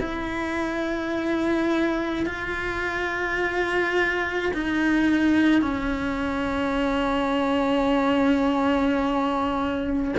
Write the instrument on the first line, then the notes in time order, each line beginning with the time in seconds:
cello
0.00 E4
2.26 F4
4.54 D#4
5.62 C#4